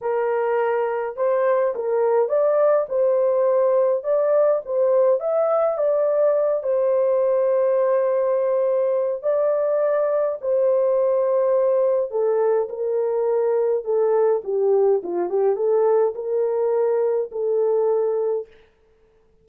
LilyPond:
\new Staff \with { instrumentName = "horn" } { \time 4/4 \tempo 4 = 104 ais'2 c''4 ais'4 | d''4 c''2 d''4 | c''4 e''4 d''4. c''8~ | c''1 |
d''2 c''2~ | c''4 a'4 ais'2 | a'4 g'4 f'8 g'8 a'4 | ais'2 a'2 | }